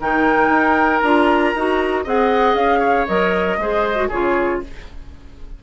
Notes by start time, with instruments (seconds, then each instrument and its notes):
0.00 bassoon D#3, clarinet D#4, oboe A#4, flute G5
0.49 bassoon D#4
0.99 bassoon D4, clarinet F4, flute A#5
1.55 bassoon D#4, clarinet F#4
2.04 bassoon C4, clarinet G#4, oboe D#5, flute F#5
2.55 bassoon C#4, flute F5
2.79 oboe C#5
3.07 bassoon F#3, clarinet A#4, flute D#5
3.58 bassoon G#3, clarinet G#4, oboe C5
3.96 clarinet F#4
4.08 bassoon C#3, clarinet F4, oboe G#4, flute C#5